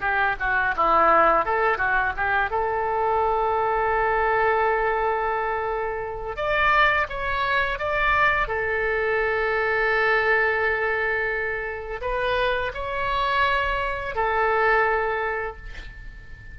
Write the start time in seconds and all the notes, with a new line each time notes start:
0.00 G4
0.39 F#4
0.76 E4
1.45 A4
1.77 F#4
2.16 G4
2.50 A4
6.36 D5
7.09 C#5
7.78 D5
8.47 A4
12.01 B4
12.73 C#5
14.15 A4